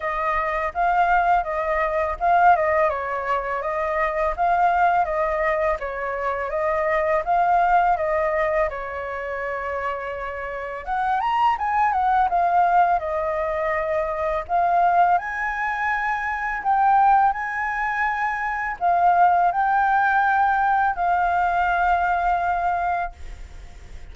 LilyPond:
\new Staff \with { instrumentName = "flute" } { \time 4/4 \tempo 4 = 83 dis''4 f''4 dis''4 f''8 dis''8 | cis''4 dis''4 f''4 dis''4 | cis''4 dis''4 f''4 dis''4 | cis''2. fis''8 ais''8 |
gis''8 fis''8 f''4 dis''2 | f''4 gis''2 g''4 | gis''2 f''4 g''4~ | g''4 f''2. | }